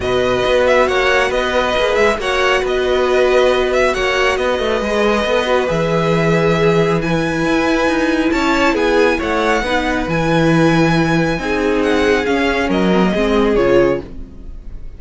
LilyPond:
<<
  \new Staff \with { instrumentName = "violin" } { \time 4/4 \tempo 4 = 137 dis''4. e''8 fis''4 dis''4~ | dis''8 e''8 fis''4 dis''2~ | dis''8 e''8 fis''4 dis''2~ | dis''4 e''2. |
gis''2. a''4 | gis''4 fis''2 gis''4~ | gis''2. fis''4 | f''4 dis''2 cis''4 | }
  \new Staff \with { instrumentName = "violin" } { \time 4/4 b'2 cis''4 b'4~ | b'4 cis''4 b'2~ | b'4 cis''4 b'2~ | b'2. gis'4 |
b'2. cis''4 | gis'4 cis''4 b'2~ | b'2 gis'2~ | gis'4 ais'4 gis'2 | }
  \new Staff \with { instrumentName = "viola" } { \time 4/4 fis'1 | gis'4 fis'2.~ | fis'2. gis'4 | a'8 fis'8 gis'2. |
e'1~ | e'2 dis'4 e'4~ | e'2 dis'2 | cis'4. c'16 ais16 c'4 f'4 | }
  \new Staff \with { instrumentName = "cello" } { \time 4/4 b,4 b4 ais4 b4 | ais8 gis8 ais4 b2~ | b4 ais4 b8 a8 gis4 | b4 e2.~ |
e4 e'4 dis'4 cis'4 | b4 a4 b4 e4~ | e2 c'2 | cis'4 fis4 gis4 cis4 | }
>>